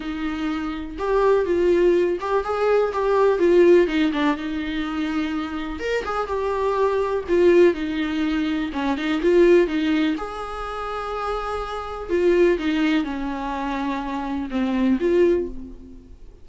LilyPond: \new Staff \with { instrumentName = "viola" } { \time 4/4 \tempo 4 = 124 dis'2 g'4 f'4~ | f'8 g'8 gis'4 g'4 f'4 | dis'8 d'8 dis'2. | ais'8 gis'8 g'2 f'4 |
dis'2 cis'8 dis'8 f'4 | dis'4 gis'2.~ | gis'4 f'4 dis'4 cis'4~ | cis'2 c'4 f'4 | }